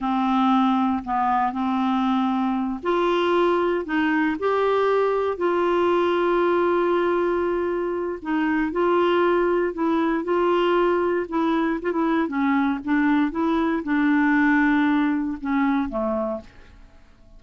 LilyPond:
\new Staff \with { instrumentName = "clarinet" } { \time 4/4 \tempo 4 = 117 c'2 b4 c'4~ | c'4. f'2 dis'8~ | dis'8 g'2 f'4.~ | f'1 |
dis'4 f'2 e'4 | f'2 e'4 f'16 e'8. | cis'4 d'4 e'4 d'4~ | d'2 cis'4 a4 | }